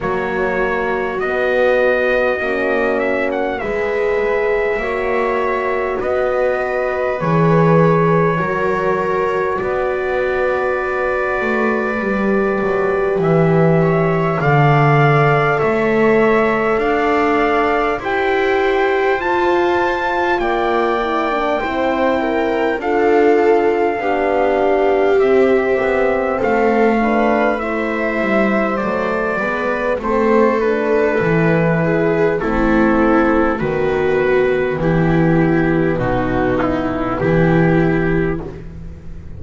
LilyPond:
<<
  \new Staff \with { instrumentName = "trumpet" } { \time 4/4 \tempo 4 = 50 cis''4 dis''4. e''16 fis''16 e''4~ | e''4 dis''4 cis''2 | d''2. e''4 | f''4 e''4 f''4 g''4 |
a''4 g''2 f''4~ | f''4 e''4 f''4 e''4 | d''4 c''8 b'4. a'4 | b'4 g'4 fis'8 e'8 g'4 | }
  \new Staff \with { instrumentName = "viola" } { \time 4/4 fis'2. b'4 | cis''4 b'2 ais'4 | b'2.~ b'8 cis''8 | d''4 cis''4 d''4 c''4~ |
c''4 d''4 c''8 ais'8 a'4 | g'2 a'8 b'8 c''4~ | c''8 b'8 a'4. gis'8 e'4 | fis'4 e'4 dis'4 e'4 | }
  \new Staff \with { instrumentName = "horn" } { \time 4/4 ais4 b4 cis'4 gis'4 | fis'2 gis'4 fis'4~ | fis'2 g'2 | a'2. g'4 |
f'4. e'16 d'16 e'4 f'4 | d'4 c'4. d'8 e'4 | a8 b8 c'8 d'8 e'4 c'4 | b1 | }
  \new Staff \with { instrumentName = "double bass" } { \time 4/4 fis4 b4 ais4 gis4 | ais4 b4 e4 fis4 | b4. a8 g8 fis8 e4 | d4 a4 d'4 e'4 |
f'4 ais4 c'4 d'4 | b4 c'8 b8 a4. g8 | fis8 gis8 a4 e4 a4 | dis4 e4 b,4 e4 | }
>>